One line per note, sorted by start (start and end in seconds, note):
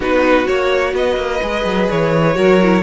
0.00 0.46 B3
0.00 0.45 D#4
0.00 0.93 F#4
0.00 0.46 B4
0.45 0.93 A#3
0.45 1.40 F#4
0.45 0.94 C#5
0.93 1.16 B3
0.93 2.36 B4
0.93 1.90 D#5
1.16 1.40 A#3
1.42 1.64 G#3
1.42 2.34 G#4
1.64 1.88 F#3
1.90 2.36 E3
1.90 2.83 C#5
2.34 2.83 F#3
2.34 2.58 F#4
2.34 2.83 A#4
2.62 2.83 E4